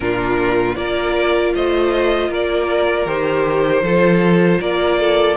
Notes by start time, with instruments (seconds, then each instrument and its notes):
0.00 cello A#2, viola D4, violin F4 A#4
0.75 cello A#3, viola F4, violin A#4 D5
1.55 cello A3, violin C5 D#5
2.29 cello A#3, violin A#4 D5
3.05 cello D#3, viola G4, violin C5
3.81 cello F3, viola F4, violin A4
4.60 cello A#3, violin A#4 D5
4.99 violin A4